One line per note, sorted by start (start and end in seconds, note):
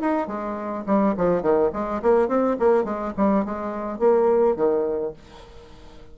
0.00 0.27 D#4
0.27 0.84 G#3
0.86 1.15 G3
1.17 1.42 F3
1.42 1.70 D#3
1.73 2.01 G#3
2.02 2.28 A#3
2.28 2.56 C4
2.59 2.84 A#3
2.84 3.12 G#3
3.17 3.45 G3
3.45 3.98 G#3
3.98 4.56 A#3
4.56 5.13 D#3